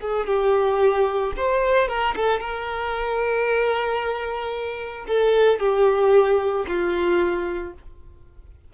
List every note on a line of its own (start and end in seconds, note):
0.00 0.26 G#4
0.26 1.33 G4
1.36 1.88 C5
1.88 2.14 A#4
2.16 2.40 A4
2.40 5.05 A#4
5.07 5.59 A4
5.59 6.65 G4
6.67 7.73 F4